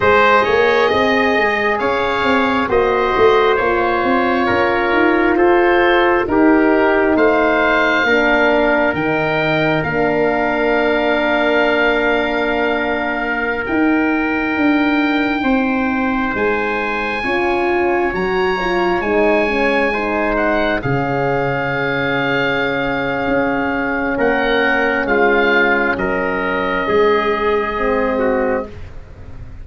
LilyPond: <<
  \new Staff \with { instrumentName = "oboe" } { \time 4/4 \tempo 4 = 67 dis''2 f''4 dis''4 | cis''2 c''4 ais'4 | f''2 g''4 f''4~ | f''2.~ f''16 g''8.~ |
g''2~ g''16 gis''4.~ gis''16~ | gis''16 ais''4 gis''4. fis''8 f''8.~ | f''2. fis''4 | f''4 dis''2. | }
  \new Staff \with { instrumentName = "trumpet" } { \time 4/4 c''8 cis''8 dis''4 cis''4 c''4~ | c''4 ais'4 a'4 g'4 | c''4 ais'2.~ | ais'1~ |
ais'4~ ais'16 c''2 cis''8.~ | cis''2~ cis''16 c''4 gis'8.~ | gis'2. ais'4 | f'4 ais'4 gis'4. fis'8 | }
  \new Staff \with { instrumentName = "horn" } { \time 4/4 gis'2. fis'4 | f'2. dis'4~ | dis'4 d'4 dis'4 d'4~ | d'2.~ d'16 dis'8.~ |
dis'2.~ dis'16 f'8.~ | f'16 fis'8 f'8 dis'8 cis'8 dis'4 cis'8.~ | cis'1~ | cis'2. c'4 | }
  \new Staff \with { instrumentName = "tuba" } { \time 4/4 gis8 ais8 c'8 gis8 cis'8 c'8 ais8 a8 | ais8 c'8 cis'8 dis'8 f'4 dis'4 | a4 ais4 dis4 ais4~ | ais2.~ ais16 dis'8.~ |
dis'16 d'4 c'4 gis4 cis'8.~ | cis'16 fis4 gis2 cis8.~ | cis2 cis'4 ais4 | gis4 fis4 gis2 | }
>>